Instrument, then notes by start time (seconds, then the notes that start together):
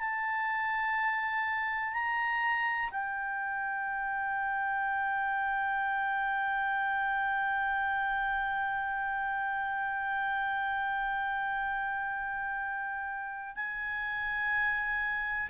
clarinet
0.00 A5
1.94 A#5
2.91 G5
13.56 G#5